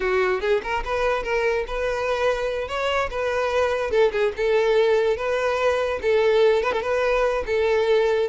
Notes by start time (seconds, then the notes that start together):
0.00 F#4
0.40 G#4
0.63 A#4
0.84 B4
1.23 A#4
1.67 B4
2.68 C#5
3.10 B4
3.90 A4
4.12 G#4
4.36 A4
5.16 B4
6.02 A4
6.63 B4
6.72 A4
6.82 B4
7.46 A4